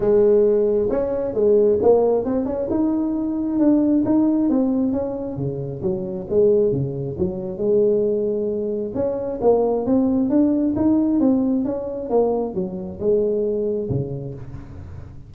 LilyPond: \new Staff \with { instrumentName = "tuba" } { \time 4/4 \tempo 4 = 134 gis2 cis'4 gis4 | ais4 c'8 cis'8 dis'2 | d'4 dis'4 c'4 cis'4 | cis4 fis4 gis4 cis4 |
fis4 gis2. | cis'4 ais4 c'4 d'4 | dis'4 c'4 cis'4 ais4 | fis4 gis2 cis4 | }